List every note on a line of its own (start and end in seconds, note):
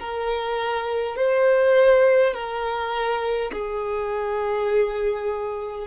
0.00 1.16 A#4
1.16 2.34 C5
2.34 3.51 A#4
3.52 5.87 G#4